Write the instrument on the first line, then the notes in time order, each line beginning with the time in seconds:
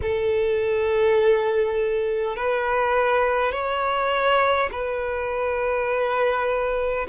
violin
0.02 A4
2.36 B4
3.52 C#5
4.71 B4